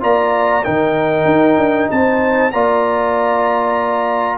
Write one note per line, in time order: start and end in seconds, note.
0.00 0.65 A#3
0.00 0.62 F4
0.00 0.65 D5
0.00 0.64 A#5
0.64 1.25 D#3
0.64 2.51 D#4
0.64 1.90 A#4
0.64 1.89 G5
1.25 1.56 D#4
1.57 1.88 D4
1.90 2.53 C4
1.90 2.52 C5
1.90 2.51 A5
2.51 4.38 A#3
2.51 4.38 F4
2.51 4.38 D5
2.51 4.38 A#5